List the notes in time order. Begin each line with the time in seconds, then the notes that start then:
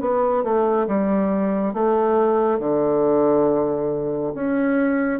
0.00 B3
0.43 A3
0.87 G3
1.74 A3
2.59 D3
4.34 C#4